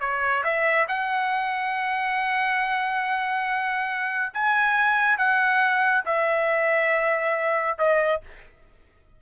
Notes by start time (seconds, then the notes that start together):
0.00 C#5
0.43 E5
0.88 F#5
4.33 G#5
5.17 F#5
6.05 E5
7.78 D#5